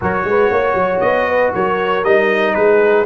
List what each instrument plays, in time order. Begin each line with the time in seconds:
0.01 tuba F#3, trombone F#4, horn A#4, trumpet C#5
0.24 tuba G#3, horn B4
0.51 tuba A#3, horn C#5
0.74 tuba F#3
1.00 tuba B3, trumpet D#5
1.27 horn B4
1.54 tuba F#3, horn A#4, trumpet C#5
2.04 tuba G3, trombone D#4, trumpet D#5
2.54 tuba G#3, horn G#4, trumpet B4